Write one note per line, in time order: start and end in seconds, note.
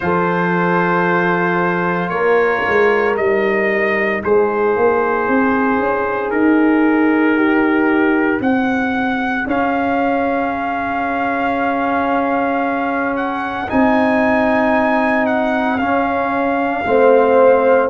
0.00 2.09 F3
0.00 3.16 F4
0.00 2.13 A4
0.00 2.09 C5
2.09 2.61 A#3
2.09 4.24 A#4
2.09 3.14 C#5
2.67 3.17 G#3
3.16 4.23 G3
3.16 9.46 D#4
3.16 4.22 D#5
4.23 4.76 G#3
4.23 7.36 G#4
4.23 6.30 C5
4.76 5.28 A#3
5.28 5.79 C4
5.79 6.31 C#4
6.30 8.40 D#4
6.30 8.41 A#4
7.36 8.40 G4
8.40 9.45 C4
8.40 16.82 G#4
8.40 9.47 F#5
9.46 13.67 C#4
9.46 13.16 F5
13.16 13.69 F#5
13.68 15.79 C4
13.68 15.78 D#4
13.68 15.26 G#5
15.26 15.78 F#5
15.78 16.84 C#4
15.78 17.89 F5
16.85 17.89 A3
16.85 17.89 C4
16.85 17.89 C5